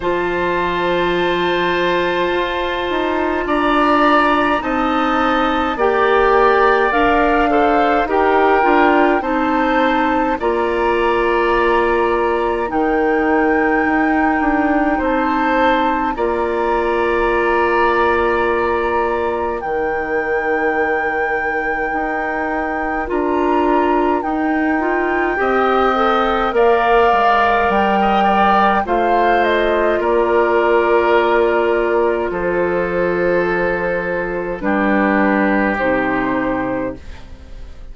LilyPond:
<<
  \new Staff \with { instrumentName = "flute" } { \time 4/4 \tempo 4 = 52 a''2. ais''4 | a''4 g''4 f''4 g''4 | a''4 ais''2 g''4~ | g''4 a''4 ais''2~ |
ais''4 g''2. | ais''4 g''2 f''4 | g''4 f''8 dis''8 d''2 | c''2 b'4 c''4 | }
  \new Staff \with { instrumentName = "oboe" } { \time 4/4 c''2. d''4 | dis''4 d''4. c''8 ais'4 | c''4 d''2 ais'4~ | ais'4 c''4 d''2~ |
d''4 ais'2.~ | ais'2 dis''4 d''4~ | d''16 dis''16 d''8 c''4 ais'2 | a'2 g'2 | }
  \new Staff \with { instrumentName = "clarinet" } { \time 4/4 f'1 | dis'4 g'4 ais'8 a'8 g'8 f'8 | dis'4 f'2 dis'4~ | dis'2 f'2~ |
f'4 dis'2. | f'4 dis'8 f'8 g'8 a'8 ais'4~ | ais'4 f'2.~ | f'2 d'4 dis'4 | }
  \new Staff \with { instrumentName = "bassoon" } { \time 4/4 f2 f'8 dis'8 d'4 | c'4 ais4 d'4 dis'8 d'8 | c'4 ais2 dis4 | dis'8 d'8 c'4 ais2~ |
ais4 dis2 dis'4 | d'4 dis'4 c'4 ais8 gis8 | g4 a4 ais2 | f2 g4 c4 | }
>>